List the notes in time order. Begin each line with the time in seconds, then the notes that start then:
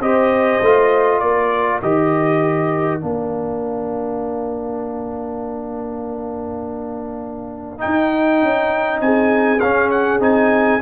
0.00 C4 G4 C5 D#5
0.62 A3 F4
1.20 A#3 A#4 D5
1.83 D#3 G4 D#5
3.00 A#3 D4 F5
7.79 D#4 G5
7.85 D#4
8.42 C#4
9.00 C4 G#4 G#5
9.60 C#4 F5
9.91 F#5
10.20 C4 D#4 G#5